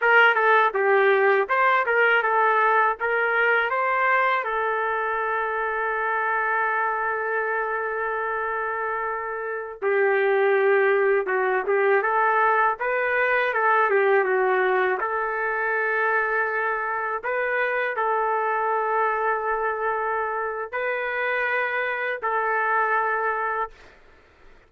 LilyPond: \new Staff \with { instrumentName = "trumpet" } { \time 4/4 \tempo 4 = 81 ais'8 a'8 g'4 c''8 ais'8 a'4 | ais'4 c''4 a'2~ | a'1~ | a'4~ a'16 g'2 fis'8 g'16~ |
g'16 a'4 b'4 a'8 g'8 fis'8.~ | fis'16 a'2. b'8.~ | b'16 a'2.~ a'8. | b'2 a'2 | }